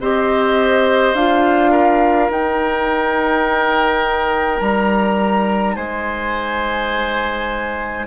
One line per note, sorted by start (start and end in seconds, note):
0.00 1.14 C4
0.00 1.17 G4
0.00 1.71 C5
0.00 1.15 D#5
1.14 2.29 D4
1.14 2.31 F4
1.14 2.31 F5
1.71 5.75 A#4
2.30 4.61 D#4
2.30 8.07 D#4
2.30 4.60 G5
4.60 5.76 G3
4.60 5.75 A#5
5.75 8.07 G#3
5.75 8.06 C5
5.75 8.06 G#5